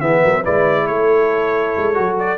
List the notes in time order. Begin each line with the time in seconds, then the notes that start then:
0.00 E3 B3 G#4 E5
0.23 F#3 A#4
0.42 G#3 E4 B4 D5
0.87 A3 A4 C#5
1.77 G#3
1.94 F#3 F#4
2.18 D5